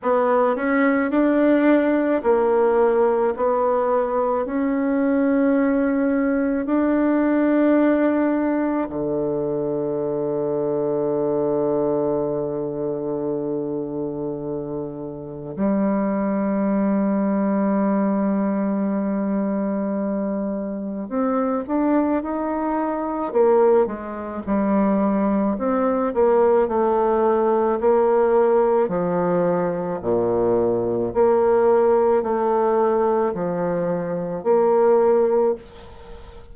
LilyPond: \new Staff \with { instrumentName = "bassoon" } { \time 4/4 \tempo 4 = 54 b8 cis'8 d'4 ais4 b4 | cis'2 d'2 | d1~ | d2 g2~ |
g2. c'8 d'8 | dis'4 ais8 gis8 g4 c'8 ais8 | a4 ais4 f4 ais,4 | ais4 a4 f4 ais4 | }